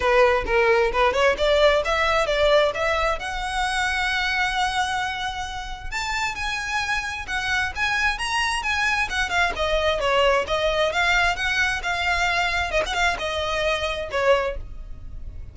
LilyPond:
\new Staff \with { instrumentName = "violin" } { \time 4/4 \tempo 4 = 132 b'4 ais'4 b'8 cis''8 d''4 | e''4 d''4 e''4 fis''4~ | fis''1~ | fis''4 a''4 gis''2 |
fis''4 gis''4 ais''4 gis''4 | fis''8 f''8 dis''4 cis''4 dis''4 | f''4 fis''4 f''2 | dis''16 fis''16 f''8 dis''2 cis''4 | }